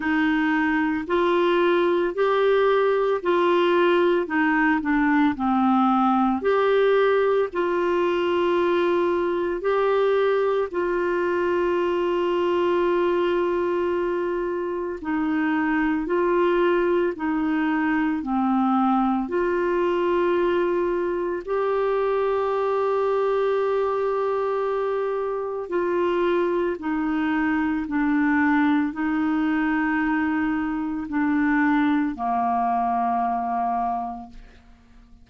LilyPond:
\new Staff \with { instrumentName = "clarinet" } { \time 4/4 \tempo 4 = 56 dis'4 f'4 g'4 f'4 | dis'8 d'8 c'4 g'4 f'4~ | f'4 g'4 f'2~ | f'2 dis'4 f'4 |
dis'4 c'4 f'2 | g'1 | f'4 dis'4 d'4 dis'4~ | dis'4 d'4 ais2 | }